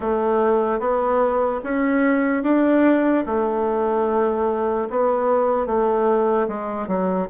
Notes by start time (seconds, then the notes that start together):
0.00 A3
0.79 B3
1.63 C#4
2.43 D4
3.26 A3
4.89 B3
5.66 A3
6.48 G#3
6.87 F#3